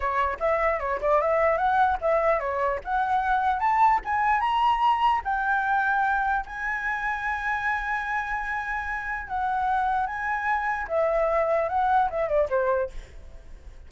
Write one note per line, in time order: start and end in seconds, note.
0.00 0.38 C#5
0.39 0.79 E5
0.79 1.00 C#5
1.01 1.21 D5
1.21 1.57 E5
1.57 1.97 F#5
2.01 2.39 E5
2.39 2.79 C#5
2.84 3.59 F#5
3.59 4.00 A5
4.04 4.40 G#5
4.40 5.21 A#5
5.24 6.45 G5
6.46 9.27 G#5
9.27 10.06 F#5
10.06 10.87 G#5
10.88 11.68 E5
11.69 12.09 F#5
12.10 12.28 E5
12.28 12.48 D5
12.49 12.89 C5